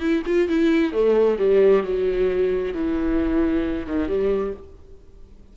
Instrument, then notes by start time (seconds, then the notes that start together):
viola
0.00 E4
0.26 F4
0.49 E4
0.92 A3
1.38 G3
1.83 F#3
2.74 E3
3.86 D#3
4.08 G3